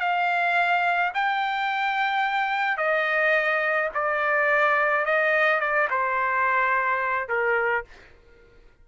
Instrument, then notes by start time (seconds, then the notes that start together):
trumpet
0.00 F5
1.14 G5
2.77 D#5
3.94 D5
5.05 D#5
5.60 D5
5.90 C5
7.29 A#4